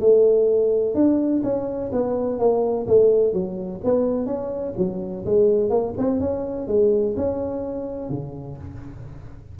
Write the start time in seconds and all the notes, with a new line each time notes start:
0.00 A3
0.94 D4
1.43 C#4
1.92 B3
2.39 A#3
2.87 A3
3.33 F#3
3.84 B3
4.26 C#4
4.77 F#3
5.25 G#3
5.69 A#3
5.98 C4
6.20 C#4
6.67 G#3
7.17 C#4
8.09 C#3